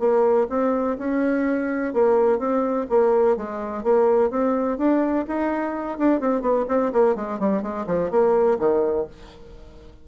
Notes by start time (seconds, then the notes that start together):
0.00 A#3
0.50 C4
0.98 C#4
1.94 A#3
2.39 C4
2.90 A#3
3.37 G#3
3.84 A#3
4.31 C4
4.78 D4
5.28 D#4
5.99 D4
6.21 C4
6.42 B3
6.69 C4
6.93 A#3
7.16 G#3
7.40 G3
7.62 G#3
7.87 F3
8.11 A#3
8.60 D#3